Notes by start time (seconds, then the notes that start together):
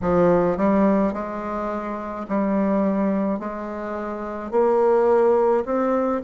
0.01 F3
0.57 G3
1.13 G#3
2.28 G3
3.39 G#3
4.51 A#3
5.65 C4